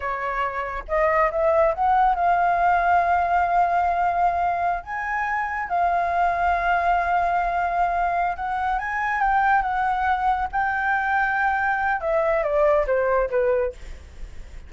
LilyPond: \new Staff \with { instrumentName = "flute" } { \time 4/4 \tempo 4 = 140 cis''2 dis''4 e''4 | fis''4 f''2.~ | f''2.~ f''16 gis''8.~ | gis''4~ gis''16 f''2~ f''8.~ |
f''2.~ f''8 fis''8~ | fis''8 gis''4 g''4 fis''4.~ | fis''8 g''2.~ g''8 | e''4 d''4 c''4 b'4 | }